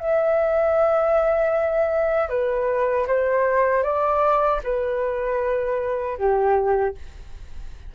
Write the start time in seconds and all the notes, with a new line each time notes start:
0.00 E5
2.29 B4
3.08 C5
3.83 D5
4.64 B4
6.18 G4